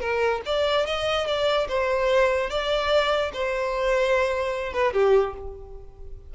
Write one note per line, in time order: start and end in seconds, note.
0.00 0.41 A#4
0.45 0.86 D5
0.86 1.27 D#5
1.27 1.67 D5
1.68 2.50 C5
2.50 3.31 D5
3.33 4.73 C5
4.73 4.93 B4
4.93 5.33 G4